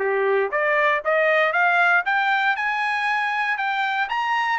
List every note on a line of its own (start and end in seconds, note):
0.00 0.51 G4
0.52 1.03 D5
1.05 1.53 D#5
1.53 2.04 F5
2.06 2.57 G5
2.57 3.58 G#5
3.58 4.09 G5
4.10 4.59 A#5